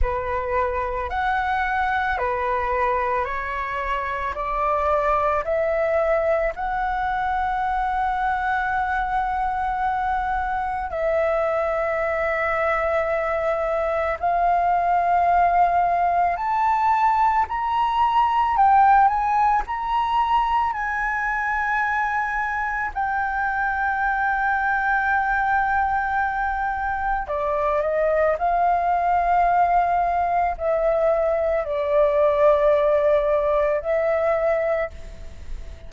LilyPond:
\new Staff \with { instrumentName = "flute" } { \time 4/4 \tempo 4 = 55 b'4 fis''4 b'4 cis''4 | d''4 e''4 fis''2~ | fis''2 e''2~ | e''4 f''2 a''4 |
ais''4 g''8 gis''8 ais''4 gis''4~ | gis''4 g''2.~ | g''4 d''8 dis''8 f''2 | e''4 d''2 e''4 | }